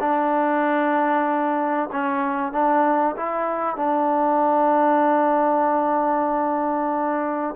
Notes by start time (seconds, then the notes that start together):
0.00 D4
1.92 C#4
2.52 D4
3.16 E4
3.76 D4